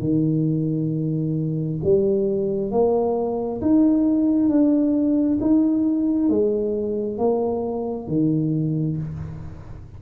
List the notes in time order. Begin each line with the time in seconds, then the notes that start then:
0.00 D#3
1.84 G3
2.72 A#3
3.61 D#4
4.49 D4
5.41 D#4
6.29 G#3
7.18 A#3
8.08 D#3